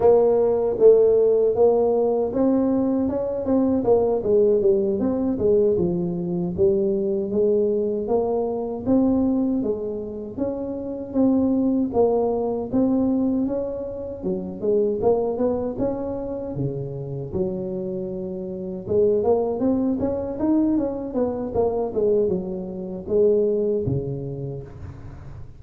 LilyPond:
\new Staff \with { instrumentName = "tuba" } { \time 4/4 \tempo 4 = 78 ais4 a4 ais4 c'4 | cis'8 c'8 ais8 gis8 g8 c'8 gis8 f8~ | f8 g4 gis4 ais4 c'8~ | c'8 gis4 cis'4 c'4 ais8~ |
ais8 c'4 cis'4 fis8 gis8 ais8 | b8 cis'4 cis4 fis4.~ | fis8 gis8 ais8 c'8 cis'8 dis'8 cis'8 b8 | ais8 gis8 fis4 gis4 cis4 | }